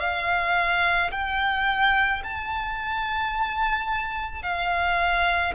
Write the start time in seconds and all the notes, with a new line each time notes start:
0.00 F5
1.12 G5
2.24 A5
4.43 F5